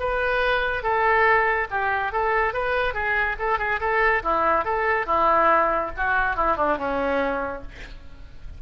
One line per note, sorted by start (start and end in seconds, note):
0.00 0.83 B4
0.83 1.68 A4
1.71 2.13 G4
2.13 2.54 A4
2.54 2.94 B4
2.94 3.36 G#4
3.39 3.59 A4
3.59 3.80 G#4
3.80 4.23 A4
4.23 4.65 E4
4.65 5.06 A4
5.06 5.91 E4
5.97 6.36 F#4
6.36 6.57 E4
6.57 6.78 D4
6.78 7.63 C#4